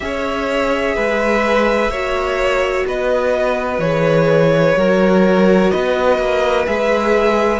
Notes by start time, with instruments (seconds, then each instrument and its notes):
0.00 cello C#4, viola G#4, violin C#5 E5
0.95 cello G#3, violin B4
1.89 cello A#3, viola F#4, violin C#5
2.86 cello B3, violin B4 D#5
3.78 cello E3, viola G#4, violin C#5
4.76 cello F#3, viola F#4, violin A#4
5.70 cello B3, violin B4 D#5
6.18 cello A#3
6.66 cello G#3, viola G#4, violin E5